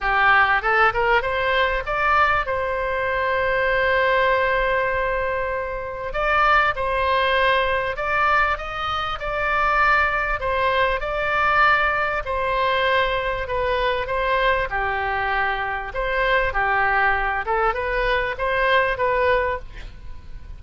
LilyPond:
\new Staff \with { instrumentName = "oboe" } { \time 4/4 \tempo 4 = 98 g'4 a'8 ais'8 c''4 d''4 | c''1~ | c''2 d''4 c''4~ | c''4 d''4 dis''4 d''4~ |
d''4 c''4 d''2 | c''2 b'4 c''4 | g'2 c''4 g'4~ | g'8 a'8 b'4 c''4 b'4 | }